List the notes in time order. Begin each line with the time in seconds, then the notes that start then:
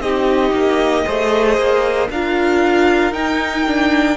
0.00 C4 D#4 G4 D#5
0.52 A#3
1.05 A3 G#4 C5
1.57 A#3
2.09 D4 F4 A#4 F5
3.11 D#4 G5
3.66 D4